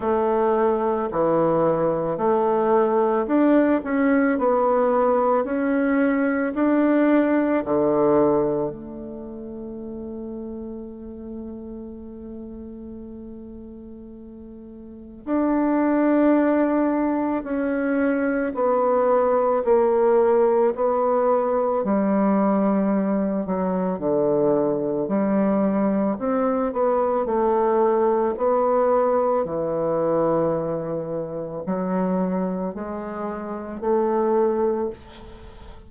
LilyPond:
\new Staff \with { instrumentName = "bassoon" } { \time 4/4 \tempo 4 = 55 a4 e4 a4 d'8 cis'8 | b4 cis'4 d'4 d4 | a1~ | a2 d'2 |
cis'4 b4 ais4 b4 | g4. fis8 d4 g4 | c'8 b8 a4 b4 e4~ | e4 fis4 gis4 a4 | }